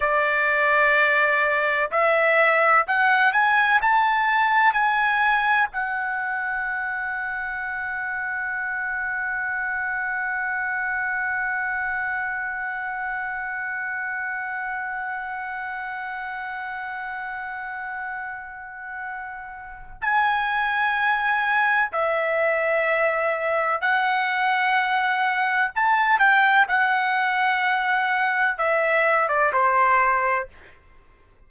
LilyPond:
\new Staff \with { instrumentName = "trumpet" } { \time 4/4 \tempo 4 = 63 d''2 e''4 fis''8 gis''8 | a''4 gis''4 fis''2~ | fis''1~ | fis''1~ |
fis''1~ | fis''4 gis''2 e''4~ | e''4 fis''2 a''8 g''8 | fis''2 e''8. d''16 c''4 | }